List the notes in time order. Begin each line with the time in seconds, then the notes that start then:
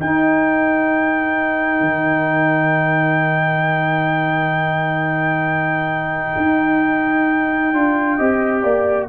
0.00 D#4 A#4 G5
1.81 D#3
6.37 D#4
7.73 D4 F4
8.17 C4 G4 D#5
8.63 A#3 D5